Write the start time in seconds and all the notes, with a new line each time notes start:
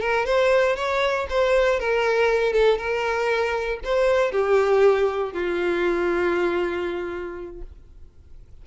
0.00 A#4
0.25 C5
0.76 C#5
1.29 C5
1.79 A#4
2.52 A4
2.78 A#4
3.83 C5
4.31 G4
5.33 F4